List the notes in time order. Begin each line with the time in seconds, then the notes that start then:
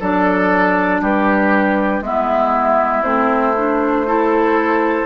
0.00 F#3 D4 A4 D5
1.02 G3 G4 B4
2.01 G#3 B3 E4 E5
3.04 A3 C4 C5
3.57 D4
4.07 E4 A4